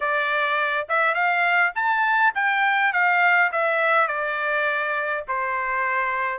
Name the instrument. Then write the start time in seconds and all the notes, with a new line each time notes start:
trumpet
0.00 D5
0.89 E5
1.14 F5
1.75 A5
2.34 G5
2.92 F5
3.52 E5
4.07 D5
5.27 C5